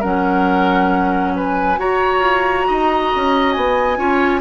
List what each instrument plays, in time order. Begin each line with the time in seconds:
0.00 bassoon F#3, clarinet C#4, oboe A#4, flute F#5
1.36 oboe B4, flute G#5
1.77 clarinet F#4, bassoon F#4, oboe C#5, flute A#5
2.19 bassoon F4
2.68 bassoon D#4, oboe D#5
3.16 bassoon C#4
3.52 bassoon B3, flute G#5
3.97 bassoon C#4, clarinet F4, oboe C#5